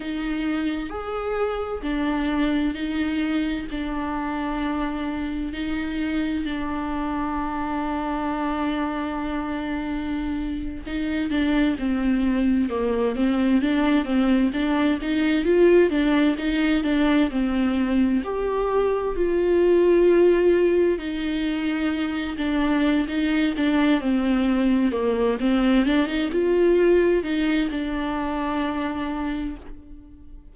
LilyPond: \new Staff \with { instrumentName = "viola" } { \time 4/4 \tempo 4 = 65 dis'4 gis'4 d'4 dis'4 | d'2 dis'4 d'4~ | d'2.~ d'8. dis'16~ | dis'16 d'8 c'4 ais8 c'8 d'8 c'8 d'16~ |
d'16 dis'8 f'8 d'8 dis'8 d'8 c'4 g'16~ | g'8. f'2 dis'4~ dis'16~ | dis'16 d'8. dis'8 d'8 c'4 ais8 c'8 | d'16 dis'16 f'4 dis'8 d'2 | }